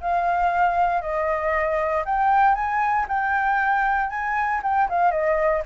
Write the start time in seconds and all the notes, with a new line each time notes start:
0.00 F5
1.01 D#5
2.05 G5
2.55 G#5
3.08 G5
4.10 G#5
4.62 G5
4.89 F5
5.11 D#5